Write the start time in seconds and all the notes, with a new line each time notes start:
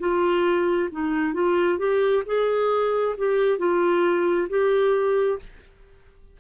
0.00 F4
0.92 D#4
1.34 F4
1.79 G4
2.26 G#4
3.18 G4
3.59 F4
4.50 G4